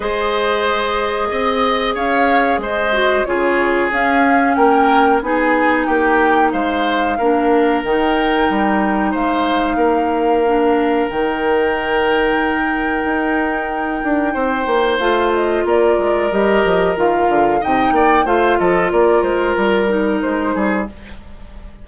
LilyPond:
<<
  \new Staff \with { instrumentName = "flute" } { \time 4/4 \tempo 4 = 92 dis''2. f''4 | dis''4 cis''4 f''4 g''4 | gis''4 g''4 f''2 | g''2 f''2~ |
f''4 g''2.~ | g''2. f''8 dis''8 | d''4 dis''4 f''4 g''4 | f''8 dis''8 d''8 c''8 ais'4 c''4 | }
  \new Staff \with { instrumentName = "oboe" } { \time 4/4 c''2 dis''4 cis''4 | c''4 gis'2 ais'4 | gis'4 g'4 c''4 ais'4~ | ais'2 c''4 ais'4~ |
ais'1~ | ais'2 c''2 | ais'2. dis''8 d''8 | c''8 a'8 ais'2~ ais'8 gis'8 | }
  \new Staff \with { instrumentName = "clarinet" } { \time 4/4 gis'1~ | gis'8 fis'8 f'4 cis'2 | dis'2. d'4 | dis'1 |
d'4 dis'2.~ | dis'2. f'4~ | f'4 g'4 f'4 dis'4 | f'2~ f'8 dis'4. | }
  \new Staff \with { instrumentName = "bassoon" } { \time 4/4 gis2 c'4 cis'4 | gis4 cis4 cis'4 ais4 | b4 ais4 gis4 ais4 | dis4 g4 gis4 ais4~ |
ais4 dis2. | dis'4. d'8 c'8 ais8 a4 | ais8 gis8 g8 f8 dis8 d8 c8 ais8 | a8 f8 ais8 gis8 g4 gis8 g8 | }
>>